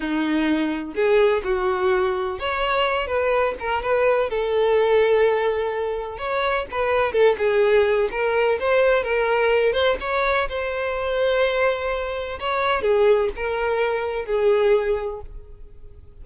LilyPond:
\new Staff \with { instrumentName = "violin" } { \time 4/4 \tempo 4 = 126 dis'2 gis'4 fis'4~ | fis'4 cis''4. b'4 ais'8 | b'4 a'2.~ | a'4 cis''4 b'4 a'8 gis'8~ |
gis'4 ais'4 c''4 ais'4~ | ais'8 c''8 cis''4 c''2~ | c''2 cis''4 gis'4 | ais'2 gis'2 | }